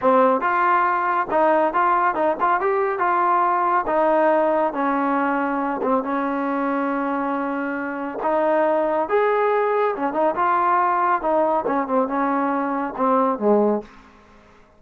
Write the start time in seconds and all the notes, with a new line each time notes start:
0.01 C4
0.40 F4
1.30 D#4
1.73 F4
2.15 D#4
2.40 F4
2.60 G4
2.98 F4
3.87 D#4
4.73 C#4
5.82 C4
6.03 C#4
8.22 D#4
9.09 G#4
9.96 C#4
10.13 D#4
10.35 F4
11.21 D#4
11.66 C#4
11.87 C4
12.07 C#4
12.96 C4
13.39 G#3